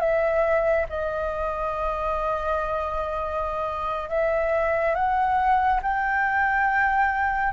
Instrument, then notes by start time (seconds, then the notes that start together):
flute
0.00 E5
0.89 D#5
4.09 E5
4.94 F#5
5.82 G5